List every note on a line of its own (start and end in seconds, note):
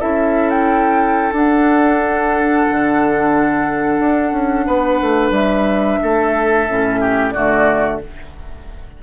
0.00 1.32 C#4
0.00 1.33 E4
0.00 4.66 A4
0.00 0.50 E5
0.50 1.33 G5
1.32 2.65 D4
1.32 6.66 D4
1.32 5.33 F#5
2.70 3.99 D3
3.99 4.32 D4
4.32 4.65 C#4
4.66 5.01 B3
4.66 5.99 B4
5.01 5.31 A3
5.31 5.97 G3
5.31 7.31 E5
6.02 6.69 A3
6.02 7.00 A4
6.68 7.35 A2
6.68 7.34 C#4
7.00 7.33 G4
7.31 8.02 D3
7.31 8.01 A3
7.31 8.00 F#4
7.31 7.97 D5